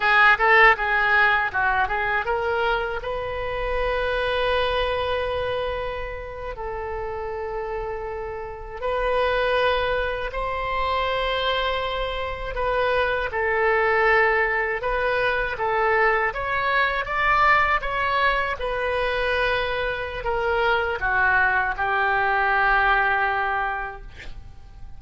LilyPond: \new Staff \with { instrumentName = "oboe" } { \time 4/4 \tempo 4 = 80 gis'8 a'8 gis'4 fis'8 gis'8 ais'4 | b'1~ | b'8. a'2. b'16~ | b'4.~ b'16 c''2~ c''16~ |
c''8. b'4 a'2 b'16~ | b'8. a'4 cis''4 d''4 cis''16~ | cis''8. b'2~ b'16 ais'4 | fis'4 g'2. | }